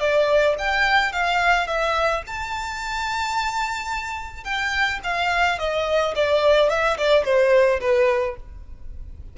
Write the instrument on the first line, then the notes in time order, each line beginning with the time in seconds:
violin
0.00 D5
0.58 G5
1.12 F5
1.67 E5
2.27 A5
4.44 G5
5.04 F5
5.59 D#5
6.15 D5
6.69 E5
6.97 D5
7.24 C5
7.80 B4